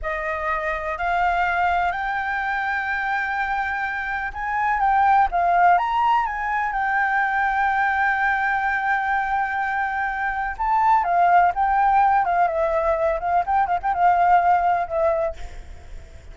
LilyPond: \new Staff \with { instrumentName = "flute" } { \time 4/4 \tempo 4 = 125 dis''2 f''2 | g''1~ | g''4 gis''4 g''4 f''4 | ais''4 gis''4 g''2~ |
g''1~ | g''2 a''4 f''4 | g''4. f''8 e''4. f''8 | g''8 f''16 g''16 f''2 e''4 | }